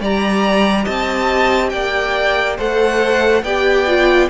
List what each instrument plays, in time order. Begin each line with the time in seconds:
0.00 cello G3, viola G4, violin D5 A#5
0.84 cello C4, violin D#5 A5
1.69 cello A#3, violin D5 G5
2.57 cello A3, viola A4, violin C5 F#5
3.42 cello B3, viola G4, violin D5 G5
3.87 viola F4